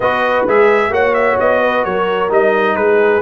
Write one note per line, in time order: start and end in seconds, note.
0.00 0.46 B3
0.00 0.48 F#4
0.00 0.91 B4
0.00 0.45 D#5
0.47 0.90 G#3
0.47 0.90 G#4
0.47 0.93 E5
0.90 1.36 A#3
0.90 2.29 F#4
0.90 1.61 C#5
0.90 1.14 F#5
1.14 1.37 E5
1.39 1.85 B3
1.39 1.84 D#5
1.61 1.84 B4
1.84 2.30 F#3
1.84 2.76 A#4
1.84 2.30 C#5
2.29 2.76 G3
2.29 3.21 D#4
2.29 2.75 D#5
2.75 3.21 G#3
2.75 3.21 G#4
2.75 3.21 B4